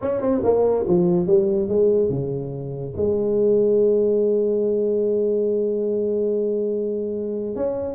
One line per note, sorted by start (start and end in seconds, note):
0.01 0.21 C#4
0.21 0.42 C4
0.43 0.85 A#3
0.87 1.26 F3
1.26 1.68 G3
1.68 2.09 G#3
2.09 2.93 C#3
2.96 7.55 G#3
7.55 7.95 C#4